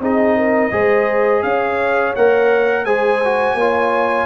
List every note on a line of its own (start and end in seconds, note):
0.00 0.71 C4
0.00 0.71 D#4
0.00 0.37 G#4
0.00 1.43 D#5
0.37 0.72 A#4
0.71 1.43 G#3
0.71 2.14 G#4
0.71 1.44 C5
1.43 2.14 C#4
1.43 2.86 C#5
1.43 2.14 F5
2.16 2.86 A#3
2.16 2.86 A#4
2.16 2.85 F#5
2.85 3.54 G#3
2.85 3.22 G#4
2.85 3.56 C5
2.85 4.26 G#5
3.25 3.60 F#4
3.54 4.26 A#3
3.54 4.26 C#5
3.60 4.26 F4